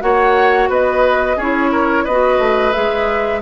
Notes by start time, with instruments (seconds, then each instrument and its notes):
0.00 bassoon A#3, clarinet F#4, oboe C#5, flute F#5
0.69 bassoon B3, oboe B4, flute D#5
1.36 bassoon C#4, clarinet E4, oboe G#4, flute C#5
1.71 oboe A#4
2.04 bassoon B3, oboe B4, flute D#5
2.10 clarinet F#4
2.38 bassoon A3
2.73 bassoon G#3, clarinet G#4, flute E5